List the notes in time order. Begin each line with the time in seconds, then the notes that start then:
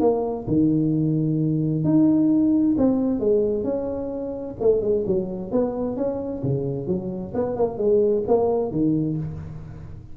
0.00 A#3
0.47 D#3
1.84 D#4
2.78 C4
3.19 G#3
3.64 C#4
4.60 A3
4.81 G#3
5.06 F#3
5.51 B3
5.96 C#4
6.43 C#3
6.87 F#3
7.34 B3
7.56 A#3
7.78 G#3
8.27 A#3
8.71 D#3